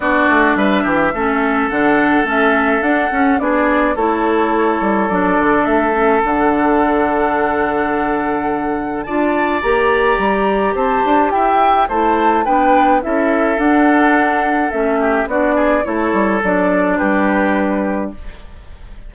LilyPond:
<<
  \new Staff \with { instrumentName = "flute" } { \time 4/4 \tempo 4 = 106 d''4 e''2 fis''4 | e''4 fis''4 d''4 cis''4~ | cis''4 d''4 e''4 fis''4~ | fis''1 |
a''4 ais''2 a''4 | g''4 a''4 g''4 e''4 | fis''2 e''4 d''4 | cis''4 d''4 b'2 | }
  \new Staff \with { instrumentName = "oboe" } { \time 4/4 fis'4 b'8 g'8 a'2~ | a'2 gis'4 a'4~ | a'1~ | a'1 |
d''2. c''4 | e''4 c''4 b'4 a'4~ | a'2~ a'8 g'8 fis'8 gis'8 | a'2 g'2 | }
  \new Staff \with { instrumentName = "clarinet" } { \time 4/4 d'2 cis'4 d'4 | cis'4 d'8 cis'8 d'4 e'4~ | e'4 d'4. cis'8 d'4~ | d'1 |
f'4 g'2.~ | g'4 e'4 d'4 e'4 | d'2 cis'4 d'4 | e'4 d'2. | }
  \new Staff \with { instrumentName = "bassoon" } { \time 4/4 b8 a8 g8 e8 a4 d4 | a4 d'8 cis'8 b4 a4~ | a8 g8 fis8 d8 a4 d4~ | d1 |
d'4 ais4 g4 c'8 d'8 | e'4 a4 b4 cis'4 | d'2 a4 b4 | a8 g8 fis4 g2 | }
>>